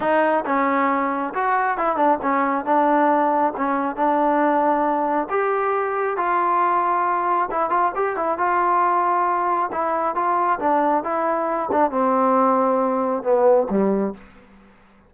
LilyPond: \new Staff \with { instrumentName = "trombone" } { \time 4/4 \tempo 4 = 136 dis'4 cis'2 fis'4 | e'8 d'8 cis'4 d'2 | cis'4 d'2. | g'2 f'2~ |
f'4 e'8 f'8 g'8 e'8 f'4~ | f'2 e'4 f'4 | d'4 e'4. d'8 c'4~ | c'2 b4 g4 | }